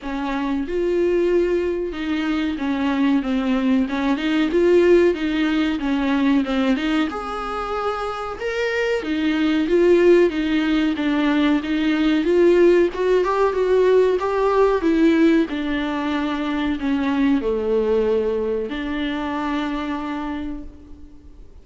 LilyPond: \new Staff \with { instrumentName = "viola" } { \time 4/4 \tempo 4 = 93 cis'4 f'2 dis'4 | cis'4 c'4 cis'8 dis'8 f'4 | dis'4 cis'4 c'8 dis'8 gis'4~ | gis'4 ais'4 dis'4 f'4 |
dis'4 d'4 dis'4 f'4 | fis'8 g'8 fis'4 g'4 e'4 | d'2 cis'4 a4~ | a4 d'2. | }